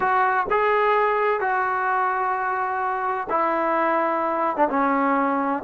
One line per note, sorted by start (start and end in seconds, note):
0.00 0.46 F#4
0.50 1.40 G#4
1.40 3.27 F#4
3.29 4.56 E4
4.56 4.68 D4
4.69 5.63 C#4